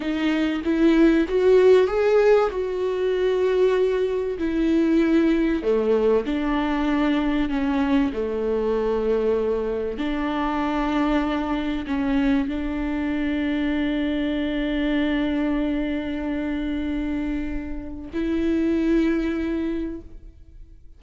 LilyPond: \new Staff \with { instrumentName = "viola" } { \time 4/4 \tempo 4 = 96 dis'4 e'4 fis'4 gis'4 | fis'2. e'4~ | e'4 a4 d'2 | cis'4 a2. |
d'2. cis'4 | d'1~ | d'1~ | d'4 e'2. | }